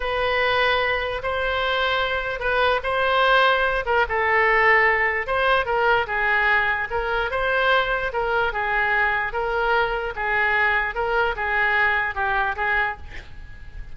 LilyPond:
\new Staff \with { instrumentName = "oboe" } { \time 4/4 \tempo 4 = 148 b'2. c''4~ | c''2 b'4 c''4~ | c''4. ais'8 a'2~ | a'4 c''4 ais'4 gis'4~ |
gis'4 ais'4 c''2 | ais'4 gis'2 ais'4~ | ais'4 gis'2 ais'4 | gis'2 g'4 gis'4 | }